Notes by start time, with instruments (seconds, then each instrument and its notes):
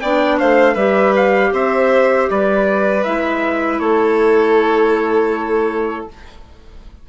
0.00 bassoon B3, clarinet D4, violin D5, trumpet G5
0.39 bassoon A3, violin C5, trumpet F5
0.74 bassoon G3, clarinet G4, violin B4, trumpet E5
1.16 trumpet F5
1.52 bassoon C4, violin C5, trumpet E5
2.30 bassoon G3, violin B4, trumpet D5
3.03 bassoon G#3, clarinet E4, trumpet E5
3.79 bassoon A3, violin A4, trumpet C#5